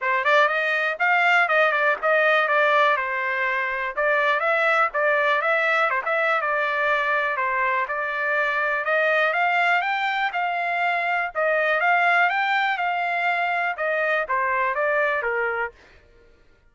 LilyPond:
\new Staff \with { instrumentName = "trumpet" } { \time 4/4 \tempo 4 = 122 c''8 d''8 dis''4 f''4 dis''8 d''8 | dis''4 d''4 c''2 | d''4 e''4 d''4 e''4 | c''16 e''8. d''2 c''4 |
d''2 dis''4 f''4 | g''4 f''2 dis''4 | f''4 g''4 f''2 | dis''4 c''4 d''4 ais'4 | }